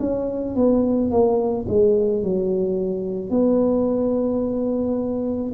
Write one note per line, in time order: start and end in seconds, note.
0.00 0.56 C#4
0.56 1.11 B3
1.11 1.66 A#3
1.69 2.24 G#3
2.24 3.30 F#3
3.30 5.53 B3